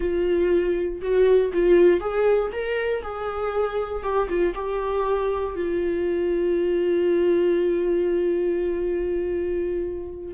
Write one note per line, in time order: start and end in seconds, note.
0.00 1.01 F4
1.01 1.52 F#4
1.53 2.00 F4
2.00 2.50 G#4
2.52 3.02 A#4
3.02 4.03 G#4
4.03 4.28 G4
4.28 4.54 F4
4.54 5.55 G4
5.55 10.34 F4